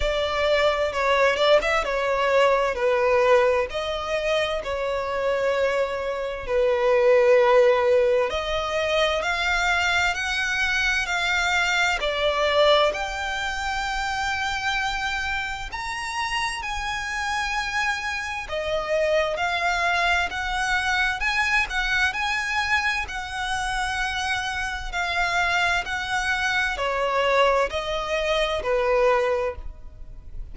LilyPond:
\new Staff \with { instrumentName = "violin" } { \time 4/4 \tempo 4 = 65 d''4 cis''8 d''16 e''16 cis''4 b'4 | dis''4 cis''2 b'4~ | b'4 dis''4 f''4 fis''4 | f''4 d''4 g''2~ |
g''4 ais''4 gis''2 | dis''4 f''4 fis''4 gis''8 fis''8 | gis''4 fis''2 f''4 | fis''4 cis''4 dis''4 b'4 | }